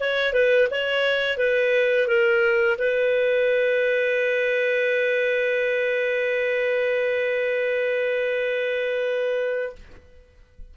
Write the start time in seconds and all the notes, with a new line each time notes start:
0.00 C#5
0.33 B4
0.71 C#5
1.38 B4
2.08 A#4
2.78 B4